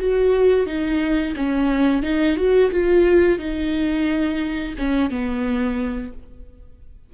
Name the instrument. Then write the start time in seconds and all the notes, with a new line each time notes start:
viola
0.00 F#4
0.66 D#4
1.36 C#4
2.03 D#4
2.37 F#4
2.71 F4
3.39 D#4
4.79 C#4
5.11 B3